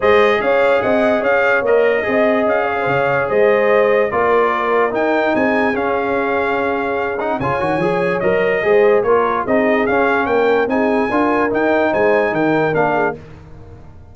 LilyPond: <<
  \new Staff \with { instrumentName = "trumpet" } { \time 4/4 \tempo 4 = 146 dis''4 f''4 fis''4 f''4 | dis''2 f''2 | dis''2 d''2 | g''4 gis''4 f''2~ |
f''4. fis''8 gis''2 | dis''2 cis''4 dis''4 | f''4 g''4 gis''2 | g''4 gis''4 g''4 f''4 | }
  \new Staff \with { instrumentName = "horn" } { \time 4/4 c''4 cis''4 dis''4 cis''4~ | cis''4 dis''4. cis''16 c''16 cis''4 | c''2 ais'2~ | ais'4 gis'2.~ |
gis'2 cis''2~ | cis''4 c''4 ais'4 gis'4~ | gis'4 ais'4 gis'4 ais'4~ | ais'4 c''4 ais'4. gis'8 | }
  \new Staff \with { instrumentName = "trombone" } { \time 4/4 gis'1 | ais'4 gis'2.~ | gis'2 f'2 | dis'2 cis'2~ |
cis'4. dis'8 f'8 fis'8 gis'4 | ais'4 gis'4 f'4 dis'4 | cis'2 dis'4 f'4 | dis'2. d'4 | }
  \new Staff \with { instrumentName = "tuba" } { \time 4/4 gis4 cis'4 c'4 cis'4 | ais4 c'4 cis'4 cis4 | gis2 ais2 | dis'4 c'4 cis'2~ |
cis'2 cis8 dis8 f4 | fis4 gis4 ais4 c'4 | cis'4 ais4 c'4 d'4 | dis'4 gis4 dis4 ais4 | }
>>